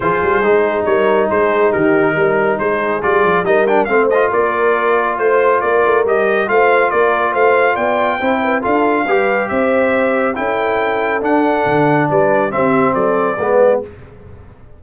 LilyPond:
<<
  \new Staff \with { instrumentName = "trumpet" } { \time 4/4 \tempo 4 = 139 c''2 cis''4 c''4 | ais'2 c''4 d''4 | dis''8 g''8 f''8 dis''8 d''2 | c''4 d''4 dis''4 f''4 |
d''4 f''4 g''2 | f''2 e''2 | g''2 fis''2 | d''4 e''4 d''2 | }
  \new Staff \with { instrumentName = "horn" } { \time 4/4 gis'2 ais'4 gis'4 | g'4 ais'4 gis'2 | ais'4 c''4 ais'2 | c''4 ais'2 c''4 |
ais'4 c''4 d''4 c''8 b'8 | a'4 b'4 c''2 | a'1 | b'4 g'4 a'4 b'4 | }
  \new Staff \with { instrumentName = "trombone" } { \time 4/4 f'4 dis'2.~ | dis'2. f'4 | dis'8 d'8 c'8 f'2~ f'8~ | f'2 g'4 f'4~ |
f'2. e'4 | f'4 g'2. | e'2 d'2~ | d'4 c'2 b4 | }
  \new Staff \with { instrumentName = "tuba" } { \time 4/4 f8 g8 gis4 g4 gis4 | dis4 g4 gis4 g8 f8 | g4 a4 ais2 | a4 ais8 a8 g4 a4 |
ais4 a4 b4 c'4 | d'4 g4 c'2 | cis'2 d'4 d4 | g4 c'4 fis4 gis4 | }
>>